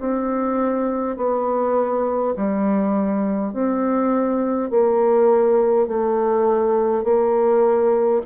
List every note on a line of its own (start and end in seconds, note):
0.00 1.17 C4
1.17 2.34 B3
2.36 3.53 G3
3.53 4.71 C4
4.71 5.88 A#3
5.88 7.04 A3
7.04 8.21 A#3